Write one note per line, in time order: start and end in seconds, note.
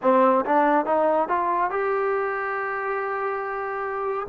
0.02 0.44 C4
0.45 0.85 D4
0.85 1.28 D#4
1.28 1.70 F4
1.70 4.27 G4